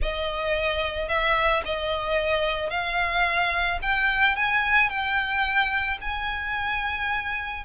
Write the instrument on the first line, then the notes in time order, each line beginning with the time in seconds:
violin
0.01 D#5
1.08 E5
1.65 D#5
2.70 F5
3.82 G5
4.36 G#5
4.89 G5
6.01 G#5